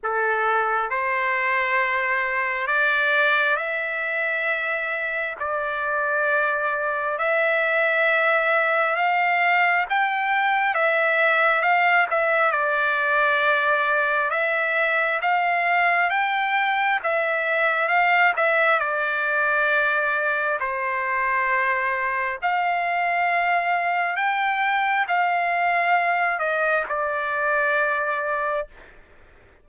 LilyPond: \new Staff \with { instrumentName = "trumpet" } { \time 4/4 \tempo 4 = 67 a'4 c''2 d''4 | e''2 d''2 | e''2 f''4 g''4 | e''4 f''8 e''8 d''2 |
e''4 f''4 g''4 e''4 | f''8 e''8 d''2 c''4~ | c''4 f''2 g''4 | f''4. dis''8 d''2 | }